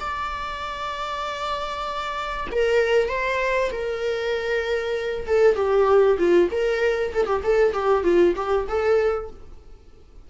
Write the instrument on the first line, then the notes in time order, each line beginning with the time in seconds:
viola
0.00 D5
2.52 A#4
3.09 C5
3.72 A#4
5.27 A4
5.56 G4
6.18 F4
6.51 A#4
7.14 A4
7.27 G4
7.44 A4
7.73 G4
8.04 F4
8.36 G4
8.68 A4